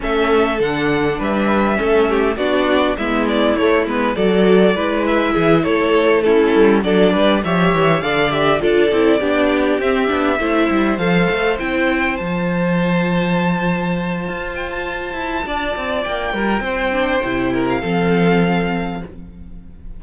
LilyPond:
<<
  \new Staff \with { instrumentName = "violin" } { \time 4/4 \tempo 4 = 101 e''4 fis''4 e''2 | d''4 e''8 d''8 cis''8 b'8 d''4~ | d''8 e''4 cis''4 a'4 d''8~ | d''8 e''4 f''8 e''8 d''4.~ |
d''8 e''2 f''4 g''8~ | g''8 a''2.~ a''8~ | a''8 g''16 a''2~ a''16 g''4~ | g''4.~ g''16 f''2~ f''16 | }
  \new Staff \with { instrumentName = "violin" } { \time 4/4 a'2 b'4 a'8 g'8 | fis'4 e'2 a'4 | b'4 gis'8 a'4 e'4 a'8 | b'8 cis''4 d''4 a'4 g'8~ |
g'4. c''2~ c''8~ | c''1~ | c''2 d''4. ais'8 | c''4. ais'8 a'2 | }
  \new Staff \with { instrumentName = "viola" } { \time 4/4 cis'4 d'2 cis'4 | d'4 b4 a8 b8 fis'4 | e'2~ e'8 cis'4 d'8~ | d'8 g'4 a'8 g'8 f'8 e'8 d'8~ |
d'8 c'8 d'8 e'4 a'4 e'8~ | e'8 f'2.~ f'8~ | f'1~ | f'8 d'8 e'4 c'2 | }
  \new Staff \with { instrumentName = "cello" } { \time 4/4 a4 d4 g4 a4 | b4 gis4 a8 gis8 fis4 | gis4 e8 a4. g8 fis8 | g8 f8 e8 d4 d'8 c'8 b8~ |
b8 c'8 b8 a8 g8 f8 a8 c'8~ | c'8 f2.~ f8 | f'4. e'8 d'8 c'8 ais8 g8 | c'4 c4 f2 | }
>>